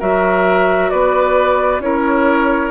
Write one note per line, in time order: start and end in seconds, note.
0.00 0.92 F#3
0.00 1.81 F#4
0.00 0.91 A#4
0.00 0.90 E5
0.90 1.80 B3
0.90 1.82 B4
0.90 1.81 D5
1.80 2.70 C#4
1.80 2.71 E4
1.80 2.71 A#4
1.80 2.71 C#5